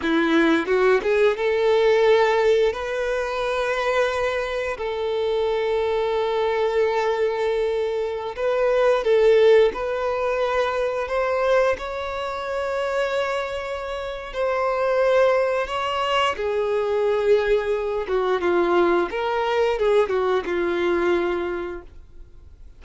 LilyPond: \new Staff \with { instrumentName = "violin" } { \time 4/4 \tempo 4 = 88 e'4 fis'8 gis'8 a'2 | b'2. a'4~ | a'1~ | a'16 b'4 a'4 b'4.~ b'16~ |
b'16 c''4 cis''2~ cis''8.~ | cis''4 c''2 cis''4 | gis'2~ gis'8 fis'8 f'4 | ais'4 gis'8 fis'8 f'2 | }